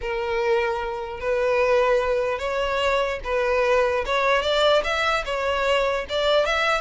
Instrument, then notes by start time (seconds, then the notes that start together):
violin
0.01 A#4
1.20 B4
2.38 C#5
3.24 B4
4.05 C#5
4.42 D5
4.84 E5
5.25 C#5
6.09 D5
6.45 E5